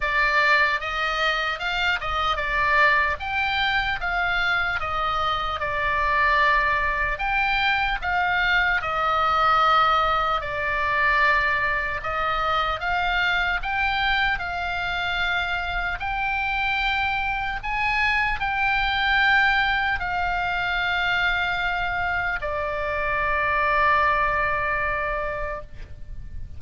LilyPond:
\new Staff \with { instrumentName = "oboe" } { \time 4/4 \tempo 4 = 75 d''4 dis''4 f''8 dis''8 d''4 | g''4 f''4 dis''4 d''4~ | d''4 g''4 f''4 dis''4~ | dis''4 d''2 dis''4 |
f''4 g''4 f''2 | g''2 gis''4 g''4~ | g''4 f''2. | d''1 | }